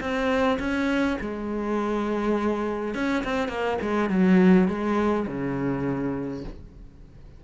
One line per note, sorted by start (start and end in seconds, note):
0.00 0.58 C4
0.59 1.18 C#4
1.21 2.94 G#3
2.94 3.24 C#4
3.24 3.48 C4
3.48 3.77 A#3
3.82 4.09 G#3
4.09 4.68 F#3
4.68 5.26 G#3
5.27 6.44 C#3